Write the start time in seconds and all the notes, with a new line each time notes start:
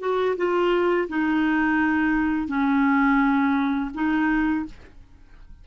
0.00 F#4
0.37 F4
1.08 D#4
2.48 C#4
3.94 D#4